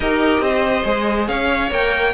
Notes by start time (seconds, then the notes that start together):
0.00 D#4 G4 A#4 D#5
0.40 C4 C5
0.84 G#3 G#4
1.27 C#4 C#5 F5
1.70 A#3 A#4 G5